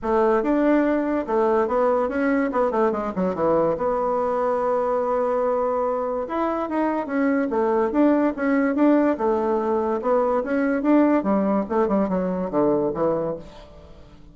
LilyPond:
\new Staff \with { instrumentName = "bassoon" } { \time 4/4 \tempo 4 = 144 a4 d'2 a4 | b4 cis'4 b8 a8 gis8 fis8 | e4 b2.~ | b2. e'4 |
dis'4 cis'4 a4 d'4 | cis'4 d'4 a2 | b4 cis'4 d'4 g4 | a8 g8 fis4 d4 e4 | }